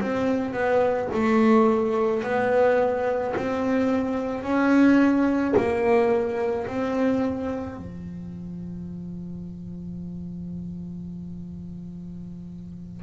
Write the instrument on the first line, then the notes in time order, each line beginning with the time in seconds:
double bass
0.00 C4
0.53 B3
1.13 A3
2.23 B3
3.36 C4
4.43 C#4
5.56 A#3
6.67 C4
7.77 F3